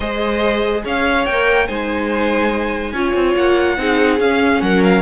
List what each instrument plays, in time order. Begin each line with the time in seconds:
0.00 cello G#3, viola G#4, violin C5 D#5
0.84 cello C#4, violin C#5 F5
1.25 cello A#3, viola A#4, violin G5
1.67 cello G#3, viola D#4, violin C5 G#5
2.92 cello C#4, viola F4, violin C#5
3.14 cello C4
3.35 cello A#3, violin F#5
3.77 cello C4, viola D#4, violin G#4
4.19 cello C#4, viola C#4, violin F5
4.61 cello F#3, violin A#4 F#5
4.83 violin F5